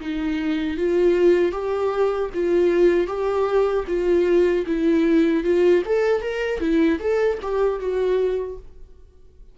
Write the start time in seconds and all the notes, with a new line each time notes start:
0.00 D#4
0.77 F4
1.52 G4
2.34 F4
3.07 G4
3.87 F4
4.66 E4
5.44 F4
5.85 A4
6.21 A#4
6.60 E4
7.00 A4
7.42 G4
7.79 F#4